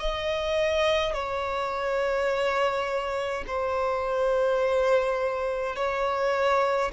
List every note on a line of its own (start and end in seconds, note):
0.00 1.14 D#5
1.14 3.45 C#5
3.47 5.76 C5
5.76 6.92 C#5